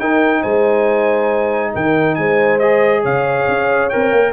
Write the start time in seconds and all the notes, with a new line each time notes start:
0.00 D#4 A#4 G5
0.41 G#3 C5 G#5
1.74 D#3 A#4 G5
2.16 G#3 C5 G#5
2.60 G#4 D#5
3.02 C#3 C#5 F5
3.49 C#4
3.90 C4 A#4 G5
4.12 A#3